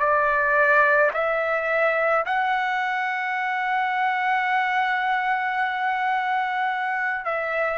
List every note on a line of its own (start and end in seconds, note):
0.00 1.11 D5
1.14 2.25 E5
2.26 7.25 F#5
7.25 7.78 E5